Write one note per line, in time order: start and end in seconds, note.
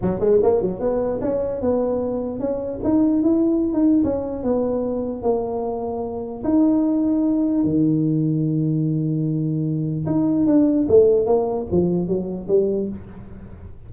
0.01 0.19 F#3
0.19 0.40 G#3
0.42 0.61 A#3
0.61 0.80 F#3
0.80 1.20 B3
1.21 1.61 C#4
1.61 2.39 B3
2.39 2.80 C#4
2.83 3.23 D#4
3.23 3.73 E4
3.73 4.03 D#4
4.04 4.43 C#4
4.43 5.22 B3
5.22 6.43 A#3
6.43 7.64 D#4
7.64 10.05 D#3
10.06 10.46 D#4
10.46 10.86 D4
10.88 11.25 A3
11.25 11.66 A#3
11.71 12.07 F3
12.07 12.47 F#3
12.48 12.88 G3